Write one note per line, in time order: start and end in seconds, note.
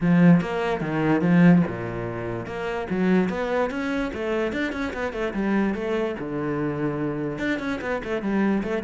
0.00 0.41 F3
0.41 0.80 A#3
0.80 1.21 D#3
1.21 1.62 F3
1.67 2.46 A#2
2.46 2.87 A#3
2.90 3.29 F#3
3.29 3.70 B3
3.70 4.11 C#4
4.13 4.52 A3
4.52 4.72 D4
4.72 4.93 C#4
4.93 5.12 B3
5.12 5.33 A3
5.33 5.74 G3
5.74 6.15 A3
6.19 7.38 D3
7.38 7.59 D4
7.59 7.80 C#4
7.81 8.02 B3
8.04 8.22 A3
8.22 8.63 G3
8.63 8.83 A3